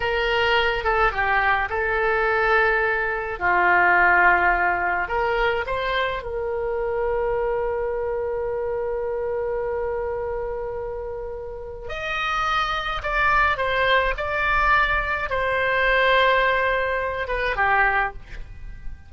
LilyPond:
\new Staff \with { instrumentName = "oboe" } { \time 4/4 \tempo 4 = 106 ais'4. a'8 g'4 a'4~ | a'2 f'2~ | f'4 ais'4 c''4 ais'4~ | ais'1~ |
ais'1~ | ais'4 dis''2 d''4 | c''4 d''2 c''4~ | c''2~ c''8 b'8 g'4 | }